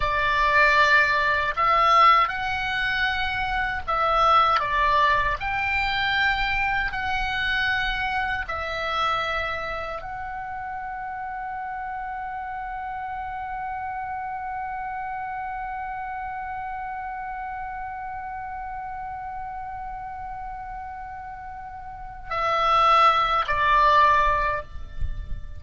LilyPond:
\new Staff \with { instrumentName = "oboe" } { \time 4/4 \tempo 4 = 78 d''2 e''4 fis''4~ | fis''4 e''4 d''4 g''4~ | g''4 fis''2 e''4~ | e''4 fis''2.~ |
fis''1~ | fis''1~ | fis''1~ | fis''4 e''4. d''4. | }